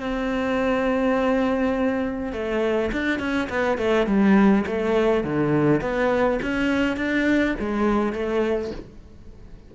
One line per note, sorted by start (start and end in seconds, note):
0.00 2.32 C4
2.32 2.91 A3
2.92 3.19 D4
3.19 3.48 C#4
3.49 3.78 B3
3.78 4.06 A3
4.06 4.65 G3
4.66 5.24 A3
5.24 5.81 D3
5.81 6.39 B3
6.42 6.96 C#4
6.96 7.55 D4
7.59 8.12 G#3
8.12 8.71 A3